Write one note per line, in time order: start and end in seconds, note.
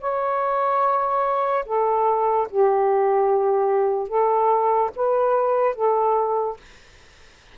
0.00 1.64 C#5
1.66 2.48 A4
2.50 4.08 G4
4.08 4.91 A4
4.96 5.75 B4
5.75 6.57 A4